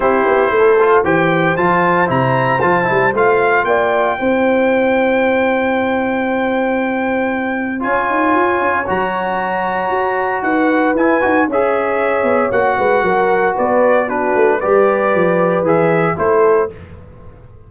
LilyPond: <<
  \new Staff \with { instrumentName = "trumpet" } { \time 4/4 \tempo 4 = 115 c''2 g''4 a''4 | ais''4 a''4 f''4 g''4~ | g''1~ | g''2. gis''4~ |
gis''4 ais''2. | fis''4 gis''4 e''2 | fis''2 d''4 b'4 | d''2 e''4 c''4 | }
  \new Staff \with { instrumentName = "horn" } { \time 4/4 g'4 a'4 c''2~ | c''2. d''4 | c''1~ | c''2. cis''4~ |
cis''1 | b'2 cis''2~ | cis''8 b'8 ais'4 b'4 fis'4 | b'2. a'4 | }
  \new Staff \with { instrumentName = "trombone" } { \time 4/4 e'4. f'8 g'4 f'4 | e'4 f'8 e'8 f'2 | e'1~ | e'2. f'4~ |
f'4 fis'2.~ | fis'4 e'8 fis'8 gis'2 | fis'2. d'4 | g'2 gis'4 e'4 | }
  \new Staff \with { instrumentName = "tuba" } { \time 4/4 c'8 b8 a4 e4 f4 | c4 f8 g8 a4 ais4 | c'1~ | c'2. cis'8 dis'8 |
f'8 cis'8 fis2 fis'4 | dis'4 e'8 dis'8 cis'4. b8 | ais8 gis8 fis4 b4. a8 | g4 f4 e4 a4 | }
>>